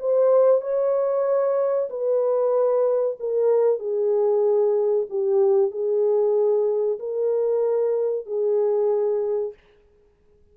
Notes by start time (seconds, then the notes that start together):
0.00 C5
0.62 C#5
1.90 B4
3.20 A#4
3.80 G#4
5.10 G4
5.72 G#4
7.00 A#4
8.27 G#4